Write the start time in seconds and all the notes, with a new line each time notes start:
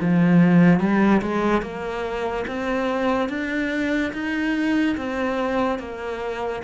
0.00 F3
0.80 G3
1.22 G#3
1.61 A#3
2.47 C4
3.29 D4
4.12 D#4
4.97 C4
5.78 A#3